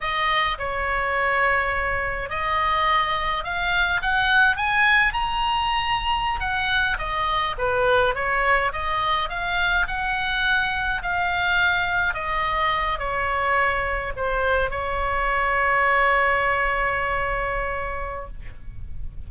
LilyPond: \new Staff \with { instrumentName = "oboe" } { \time 4/4 \tempo 4 = 105 dis''4 cis''2. | dis''2 f''4 fis''4 | gis''4 ais''2~ ais''16 fis''8.~ | fis''16 dis''4 b'4 cis''4 dis''8.~ |
dis''16 f''4 fis''2 f''8.~ | f''4~ f''16 dis''4. cis''4~ cis''16~ | cis''8. c''4 cis''2~ cis''16~ | cis''1 | }